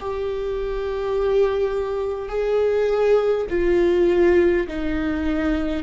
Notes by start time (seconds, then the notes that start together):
0.00 G4
2.29 G#4
3.50 F4
4.67 D#4